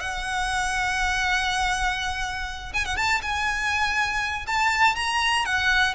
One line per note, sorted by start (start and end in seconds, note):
0.00 2.73 F#5
2.73 2.85 G#5
2.85 2.97 F#5
2.97 3.21 A5
3.22 4.46 G#5
4.47 4.95 A5
4.95 5.45 A#5
5.45 5.94 F#5